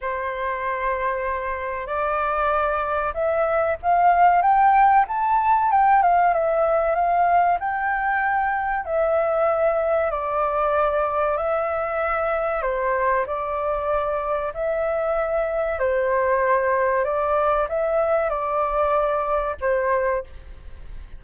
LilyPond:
\new Staff \with { instrumentName = "flute" } { \time 4/4 \tempo 4 = 95 c''2. d''4~ | d''4 e''4 f''4 g''4 | a''4 g''8 f''8 e''4 f''4 | g''2 e''2 |
d''2 e''2 | c''4 d''2 e''4~ | e''4 c''2 d''4 | e''4 d''2 c''4 | }